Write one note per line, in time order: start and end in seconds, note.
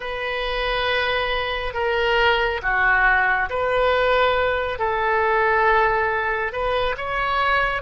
0.00 1.74 B4
1.74 2.60 A#4
2.62 3.49 F#4
3.49 4.78 B4
4.78 6.52 A4
6.52 6.95 B4
6.97 7.82 C#5